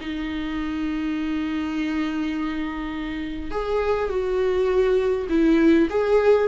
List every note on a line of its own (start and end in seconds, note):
0.00 3.51 D#4
3.51 4.09 G#4
4.09 5.27 F#4
5.29 5.88 E4
5.90 6.48 G#4